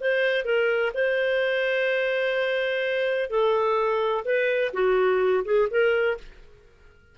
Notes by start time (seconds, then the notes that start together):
0.00 C5
0.45 A#4
0.94 C5
3.30 A4
4.25 B4
4.73 F#4
5.45 G#4
5.70 A#4